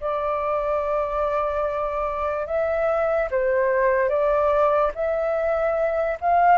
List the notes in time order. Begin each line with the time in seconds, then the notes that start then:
0.00 D5
2.46 E5
3.30 C5
4.09 D5
4.94 E5
6.21 F5